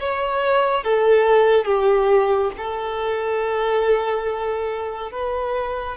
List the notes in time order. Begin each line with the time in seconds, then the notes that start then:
0.00 C#5
0.84 A4
1.66 G4
2.58 A4
5.12 B4